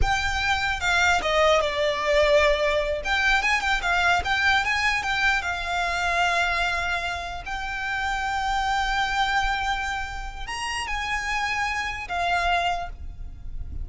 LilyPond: \new Staff \with { instrumentName = "violin" } { \time 4/4 \tempo 4 = 149 g''2 f''4 dis''4 | d''2.~ d''8 g''8~ | g''8 gis''8 g''8 f''4 g''4 gis''8~ | gis''8 g''4 f''2~ f''8~ |
f''2~ f''8 g''4.~ | g''1~ | g''2 ais''4 gis''4~ | gis''2 f''2 | }